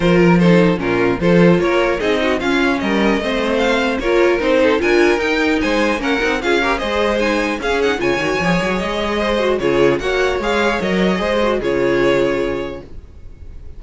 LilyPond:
<<
  \new Staff \with { instrumentName = "violin" } { \time 4/4 \tempo 4 = 150 c''8 ais'8 c''4 ais'4 c''4 | cis''4 dis''4 f''4 dis''4~ | dis''4 f''4 cis''4 c''4 | gis''4 g''4 gis''4 fis''4 |
f''4 dis''4 gis''4 f''8 fis''8 | gis''2 dis''2 | cis''4 fis''4 f''4 dis''4~ | dis''4 cis''2. | }
  \new Staff \with { instrumentName = "violin" } { \time 4/4 ais'4 a'4 f'4 a'4 | ais'4 gis'8 fis'8 f'4 ais'4 | c''2 ais'4. a'8 | ais'2 c''4 ais'4 |
gis'8 ais'8 c''2 gis'4 | cis''2. c''4 | gis'4 cis''2. | c''4 gis'2. | }
  \new Staff \with { instrumentName = "viola" } { \time 4/4 f'4 dis'4 cis'4 f'4~ | f'4 dis'4 cis'2 | c'2 f'4 dis'4 | f'4 dis'2 cis'8 dis'8 |
f'8 g'8 gis'4 dis'4 cis'8 dis'8 | f'8 fis'8 gis'2~ gis'8 fis'8 | f'4 fis'4 gis'4 ais'4 | gis'8 fis'8 f'2. | }
  \new Staff \with { instrumentName = "cello" } { \time 4/4 f2 ais,4 f4 | ais4 c'4 cis'4 g4 | a2 ais4 c'4 | d'4 dis'4 gis4 ais8 c'8 |
cis'4 gis2 cis'4 | cis8 dis8 f8 fis8 gis2 | cis4 ais4 gis4 fis4 | gis4 cis2. | }
>>